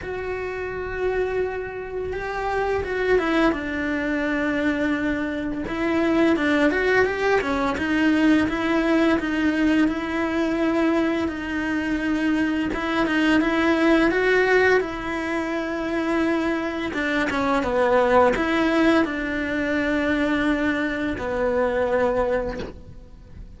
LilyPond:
\new Staff \with { instrumentName = "cello" } { \time 4/4 \tempo 4 = 85 fis'2. g'4 | fis'8 e'8 d'2. | e'4 d'8 fis'8 g'8 cis'8 dis'4 | e'4 dis'4 e'2 |
dis'2 e'8 dis'8 e'4 | fis'4 e'2. | d'8 cis'8 b4 e'4 d'4~ | d'2 b2 | }